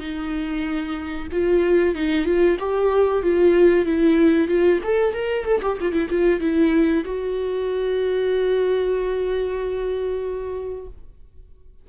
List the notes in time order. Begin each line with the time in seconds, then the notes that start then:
0.00 D#4
1.32 F4
1.95 D#4
2.26 F4
2.60 G4
3.23 F4
3.86 E4
4.48 F4
4.84 A4
5.14 A#4
5.45 A4
5.63 G4
5.81 F4
5.93 E4
6.10 F4
6.41 E4
7.05 F#4